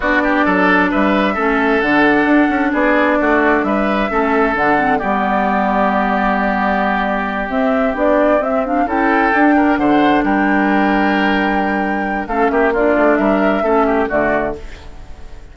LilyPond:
<<
  \new Staff \with { instrumentName = "flute" } { \time 4/4 \tempo 4 = 132 d''2 e''2 | fis''2 d''2 | e''2 fis''4 d''4~ | d''1~ |
d''8 e''4 d''4 e''8 f''8 g''8~ | g''4. fis''4 g''4.~ | g''2. f''8 e''8 | d''4 e''2 d''4 | }
  \new Staff \with { instrumentName = "oboe" } { \time 4/4 fis'8 g'8 a'4 b'4 a'4~ | a'2 gis'4 fis'4 | b'4 a'2 g'4~ | g'1~ |
g'2.~ g'8 a'8~ | a'4 ais'8 c''4 ais'4.~ | ais'2. a'8 g'8 | f'4 ais'4 a'8 g'8 fis'4 | }
  \new Staff \with { instrumentName = "clarinet" } { \time 4/4 d'2. cis'4 | d'1~ | d'4 cis'4 d'8 c'8 b4~ | b1~ |
b8 c'4 d'4 c'8 d'8 e'8~ | e'8 d'2.~ d'8~ | d'2. cis'4 | d'2 cis'4 a4 | }
  \new Staff \with { instrumentName = "bassoon" } { \time 4/4 b4 fis4 g4 a4 | d4 d'8 cis'8 b4 a4 | g4 a4 d4 g4~ | g1~ |
g8 c'4 b4 c'4 cis'8~ | cis'8 d'4 d4 g4.~ | g2. a8 ais8~ | ais8 a8 g4 a4 d4 | }
>>